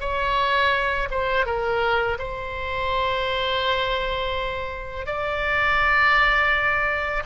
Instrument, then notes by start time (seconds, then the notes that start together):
oboe
0.00 C#5
1.11 C5
1.46 A#4
2.19 C5
5.06 D5